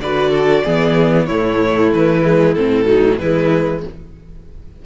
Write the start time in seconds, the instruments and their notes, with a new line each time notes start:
0.00 cello D3, viola F#4, violin B4 D5
0.30 violin A4
0.64 cello E3, viola B3, violin G#4
1.27 cello A2, viola A3, violin E4 C#5
1.93 cello E3, violin B4
2.23 viola G#3
2.55 cello A2, viola C4, violin A4
2.85 viola F#3, violin D#4
3.18 cello E3, viola G#3, violin E4 B4